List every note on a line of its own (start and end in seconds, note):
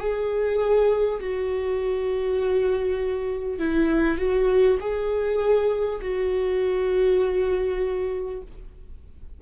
0.00 1.20 G#4
1.21 3.59 F#4
3.59 4.18 E4
4.18 4.78 F#4
4.80 6.00 G#4
6.02 8.42 F#4